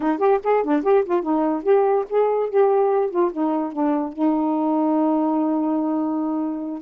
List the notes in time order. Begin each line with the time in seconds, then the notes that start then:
0.00 D#4
0.18 G4
0.43 G#4
0.63 D4
0.83 G4
1.05 F4
1.22 D#4
1.63 G4
2.09 G#4
2.49 G4
3.10 F4
3.32 D#4
3.72 D4
4.12 D#4